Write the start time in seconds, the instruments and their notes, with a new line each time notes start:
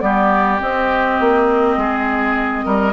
0.00 bassoon G3, clarinet B3, oboe G4, flute D5
0.59 clarinet C4, bassoon C4, flute D#5
1.20 bassoon A#3
1.77 bassoon G#3, oboe G#4
2.65 bassoon G3, oboe A#4